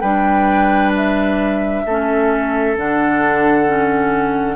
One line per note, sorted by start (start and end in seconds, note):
0.00 1.84 G3
0.00 1.85 D4
0.00 1.82 B4
0.00 0.91 G5
0.96 2.77 E5
1.85 2.76 A3
1.85 2.76 C#4
1.85 4.56 A4
2.76 4.56 D3
2.76 3.66 D4
2.76 4.56 F#5
3.66 4.56 C#4